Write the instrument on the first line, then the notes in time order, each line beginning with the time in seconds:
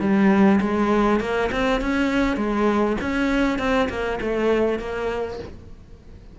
cello
0.00 G3
0.61 G#3
1.20 A#3
1.52 C4
1.81 C#4
2.37 G#3
3.01 C#4
3.59 C4
3.89 A#3
4.21 A3
4.79 A#3